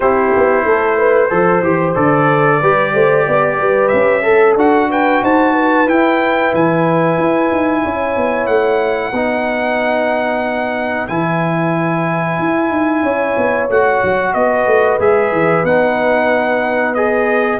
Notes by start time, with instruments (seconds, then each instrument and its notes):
0.00 tuba C4, trombone E4, horn G4, trumpet C5
0.36 tuba B3
0.64 tuba A3, horn A4
0.97 horn B4
1.28 tuba F3, trombone A4, horn C5
1.61 tuba E3, trombone G4
1.94 tuba D3, trombone A4, trumpet D5
2.60 tuba G3, trombone G4, horn B4
2.94 tuba A3, horn C5
3.25 tuba B3, horn D5
3.58 tuba G3, horn B4
3.88 tuba C#4, trumpet E5
4.23 trombone A4, horn A4
4.55 tuba D4, trombone F#4, trumpet F#5
4.89 horn B4, trumpet G5
5.22 tuba D#4, horn C5, trumpet A5
5.53 horn B4
5.86 trombone E4, tuba E4, trumpet G5
6.54 tuba E3, trumpet G#5
7.18 tuba E4
7.51 tuba D#4
7.83 tuba C#4, horn C#5
8.16 tuba B3
8.46 tuba A3, trumpet F#5
9.11 tuba B3, trombone D#4, horn B4
11.07 tuba E3, trombone E4, trumpet G#5
12.38 tuba E4
12.70 tuba D#4
13.02 tuba C#4, horn C#5
13.37 tuba B3
13.69 tuba A3, trombone F#4, trumpet F#5
14.03 tuba F#3
14.33 tuba B3, horn B4, trumpet D#5
14.66 tuba A3
14.99 tuba G#3, trombone G#4, trumpet E5
15.32 tuba E3
15.63 tuba B3, trombone D#4, trumpet F#5
16.94 trombone G#4, trumpet D#5